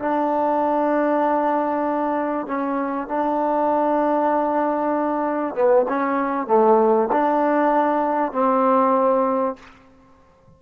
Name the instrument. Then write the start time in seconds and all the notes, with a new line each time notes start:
trombone
0.00 D4
2.47 C#4
3.08 D4
5.56 B3
5.89 C#4
6.48 A3
7.12 D4
8.33 C4